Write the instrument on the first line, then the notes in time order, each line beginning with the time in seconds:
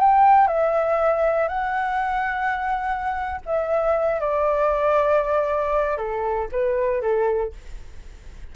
flute
0.00 G5
0.48 E5
1.48 F#5
3.46 E5
4.21 D5
5.98 A4
6.52 B4
7.02 A4